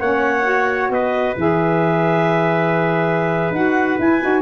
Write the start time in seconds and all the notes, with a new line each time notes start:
0.00 A#3 C#4 C#5 F#5
0.43 F#4
0.90 B3 B4 D#5
1.37 E3 G#4 E5
3.51 D#4 F#4 F#5
3.99 E4 G#5
4.22 D#4 F#4